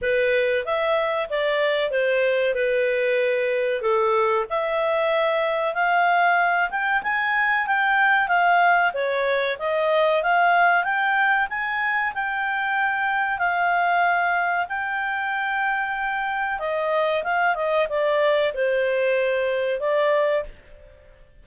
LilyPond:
\new Staff \with { instrumentName = "clarinet" } { \time 4/4 \tempo 4 = 94 b'4 e''4 d''4 c''4 | b'2 a'4 e''4~ | e''4 f''4. g''8 gis''4 | g''4 f''4 cis''4 dis''4 |
f''4 g''4 gis''4 g''4~ | g''4 f''2 g''4~ | g''2 dis''4 f''8 dis''8 | d''4 c''2 d''4 | }